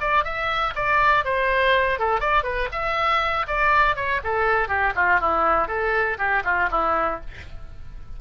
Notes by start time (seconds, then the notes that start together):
0.00 D5
0.24 E5
0.75 D5
1.24 C5
1.99 A4
2.20 D5
2.43 B4
2.72 E5
3.47 D5
3.96 C#5
4.24 A4
4.68 G4
4.95 F4
5.20 E4
5.68 A4
6.18 G4
6.44 F4
6.71 E4